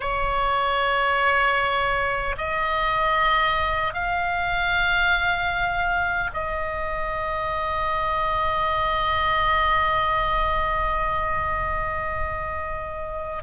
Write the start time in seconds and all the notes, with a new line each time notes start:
0.00 C#5
2.37 D#5
3.93 F5
6.33 D#5